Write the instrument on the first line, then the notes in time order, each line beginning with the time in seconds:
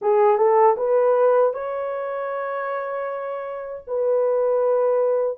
horn
0.01 G#4
0.37 A4
0.76 B4
1.53 C#5
3.87 B4